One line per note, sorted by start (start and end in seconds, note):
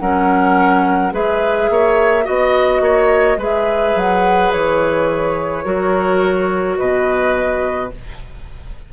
0.00 1.12 F#3
0.00 1.12 C#4
0.00 1.14 A#4
0.00 1.13 F#5
1.12 1.69 G#3
1.12 2.25 G#4
1.12 1.71 B4
1.12 2.26 E5
1.70 2.27 A#3
1.70 2.25 C#5
2.25 2.81 B3
2.25 3.38 F#4
2.25 2.82 D#5
2.25 3.40 D#5
2.81 3.37 A#3
2.81 3.38 C#5
3.37 3.94 G#3
3.37 5.65 G#4
3.37 5.65 B4
3.37 3.99 E5
3.96 4.52 F#3
3.96 4.52 F#5
4.52 5.66 E3
4.52 6.77 C#5
5.65 6.79 F#3
5.65 7.91 F#4
5.65 6.79 A#4
6.77 7.93 B2
6.77 7.92 B4
6.77 7.91 D#5